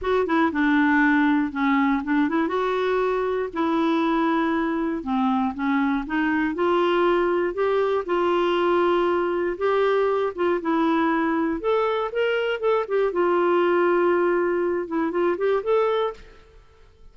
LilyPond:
\new Staff \with { instrumentName = "clarinet" } { \time 4/4 \tempo 4 = 119 fis'8 e'8 d'2 cis'4 | d'8 e'8 fis'2 e'4~ | e'2 c'4 cis'4 | dis'4 f'2 g'4 |
f'2. g'4~ | g'8 f'8 e'2 a'4 | ais'4 a'8 g'8 f'2~ | f'4. e'8 f'8 g'8 a'4 | }